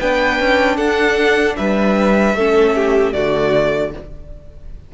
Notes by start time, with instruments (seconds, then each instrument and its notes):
0.00 cello B3, viola D4, violin B4 G5
0.40 cello C#4
0.77 cello D4, violin A4 F#5
1.57 cello G3, violin B4 E5
2.35 cello A3, viola C#4, violin A4
2.76 violin G4
3.13 cello D3, viola A3, violin F#4 D5